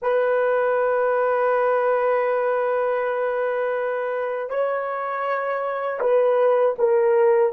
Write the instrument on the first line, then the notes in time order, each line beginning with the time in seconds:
horn
0.02 B4
4.49 C#5
6.00 B4
6.78 A#4